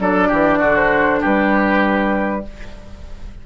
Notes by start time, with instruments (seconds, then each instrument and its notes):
0.00 bassoon F#3, clarinet D4, oboe A4, flute D5
0.29 bassoon E3, oboe G4
0.59 bassoon D3, oboe F#4
0.77 flute C5
1.21 bassoon G3, oboe G4, flute B4